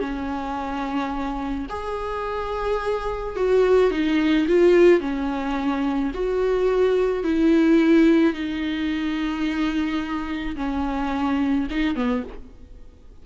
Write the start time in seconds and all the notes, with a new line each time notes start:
0.00 C#4
1.70 G#4
3.36 F#4
3.91 D#4
4.48 F4
5.01 C#4
6.14 F#4
7.24 E4
8.34 D#4
10.56 C#4
11.71 D#4
11.96 B3